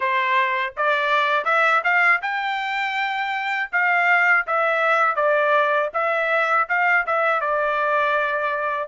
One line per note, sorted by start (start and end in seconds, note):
0.00 0.74 C5
0.76 1.44 D5
1.44 1.81 E5
1.84 2.21 F5
2.22 3.70 G5
3.72 4.46 F5
4.46 5.15 E5
5.15 5.89 D5
5.93 6.67 E5
6.69 7.06 F5
7.06 7.41 E5
7.41 8.88 D5